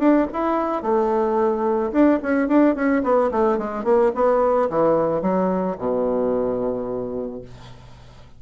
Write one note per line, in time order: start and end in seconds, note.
0.00 0.27 D4
0.33 0.83 E4
0.83 1.92 A3
1.93 2.20 D4
2.23 2.48 C#4
2.48 2.76 D4
2.76 3.03 C#4
3.03 3.31 B3
3.32 3.59 A3
3.59 3.85 G#3
3.85 4.12 A#3
4.15 4.70 B3
4.70 5.22 E3
5.22 5.77 F#3
5.78 7.42 B2